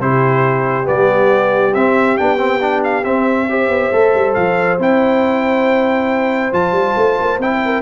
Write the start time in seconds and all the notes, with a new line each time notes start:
0.00 C3 E4 G4 C5
0.85 G3 B3 D5
1.74 C4 E5
2.18 B3 D4 G5
2.38 C4
2.61 D4
2.84 F5
3.04 C4 E5
3.49 G4 C5
3.69 B3
3.92 A3 A4
4.15 G3
4.34 F3 F5
4.79 C4 E4 G5
6.53 F3 F4 A5
6.72 G3
6.97 A3
7.21 A#3
7.39 C4 E4 G5
7.65 A#4